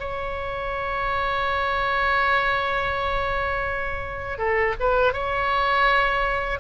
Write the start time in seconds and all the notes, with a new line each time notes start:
0.00 C#5
4.39 A4
4.80 B4
5.13 C#5